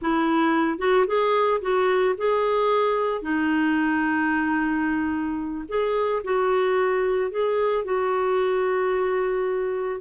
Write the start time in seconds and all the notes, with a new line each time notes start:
0.01 E4
0.78 F#4
1.07 G#4
1.61 F#4
2.17 G#4
3.21 D#4
5.68 G#4
6.24 F#4
7.30 G#4
7.84 F#4